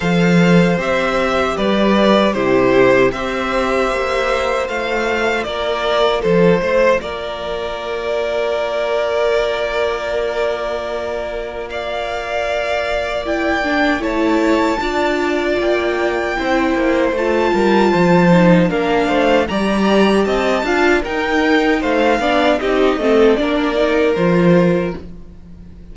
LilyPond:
<<
  \new Staff \with { instrumentName = "violin" } { \time 4/4 \tempo 4 = 77 f''4 e''4 d''4 c''4 | e''2 f''4 d''4 | c''4 d''2.~ | d''2. f''4~ |
f''4 g''4 a''2 | g''2 a''2 | f''4 ais''4 a''4 g''4 | f''4 dis''4 d''4 c''4 | }
  \new Staff \with { instrumentName = "violin" } { \time 4/4 c''2 b'4 g'4 | c''2. ais'4 | a'8 c''8 ais'2.~ | ais'2. d''4~ |
d''2 cis''4 d''4~ | d''4 c''4. ais'8 c''4 | ais'8 c''8 d''4 dis''8 f''8 ais'4 | c''8 d''8 g'8 a'8 ais'2 | }
  \new Staff \with { instrumentName = "viola" } { \time 4/4 a'4 g'2 e'4 | g'2 f'2~ | f'1~ | f'1~ |
f'4 e'8 d'8 e'4 f'4~ | f'4 e'4 f'4. dis'8 | d'4 g'4. f'8 dis'4~ | dis'8 d'8 dis'8 c'8 d'8 dis'8 f'4 | }
  \new Staff \with { instrumentName = "cello" } { \time 4/4 f4 c'4 g4 c4 | c'4 ais4 a4 ais4 | f8 a8 ais2.~ | ais1~ |
ais2 a4 d'4 | ais4 c'8 ais8 a8 g8 f4 | ais8 a8 g4 c'8 d'8 dis'4 | a8 b8 c'8 a8 ais4 f4 | }
>>